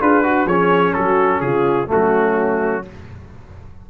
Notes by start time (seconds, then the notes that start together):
0.00 D4 F4 G#4 B4
0.23 F#4
0.45 F3 C#4 G#4 C#5
0.93 F#3 F#4 A4
1.40 C#3 F4 G#4
1.87 A3 C#4 F#4
1.94 F#3